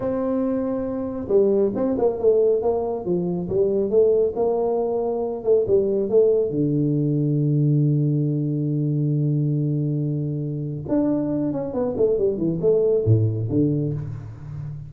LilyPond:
\new Staff \with { instrumentName = "tuba" } { \time 4/4 \tempo 4 = 138 c'2. g4 | c'8 ais8 a4 ais4 f4 | g4 a4 ais2~ | ais8 a8 g4 a4 d4~ |
d1~ | d1~ | d4 d'4. cis'8 b8 a8 | g8 e8 a4 a,4 d4 | }